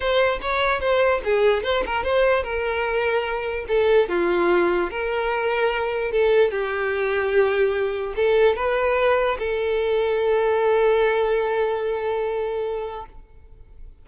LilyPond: \new Staff \with { instrumentName = "violin" } { \time 4/4 \tempo 4 = 147 c''4 cis''4 c''4 gis'4 | c''8 ais'8 c''4 ais'2~ | ais'4 a'4 f'2 | ais'2. a'4 |
g'1 | a'4 b'2 a'4~ | a'1~ | a'1 | }